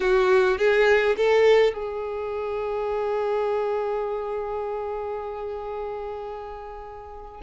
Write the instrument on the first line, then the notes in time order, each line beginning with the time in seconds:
violin
0.00 F#4
0.57 G#4
1.17 A4
1.73 G#4